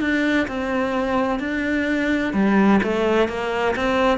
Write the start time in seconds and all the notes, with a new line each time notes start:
0.00 D4
0.47 C4
1.39 D4
2.33 G3
2.83 A3
3.28 A#3
3.75 C4